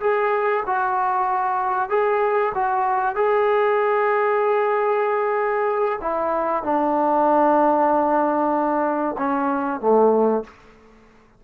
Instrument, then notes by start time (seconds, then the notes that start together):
trombone
0.00 G#4
0.66 F#4
1.89 G#4
2.54 F#4
3.15 G#4
6.01 E4
6.63 D4
9.18 C#4
9.81 A3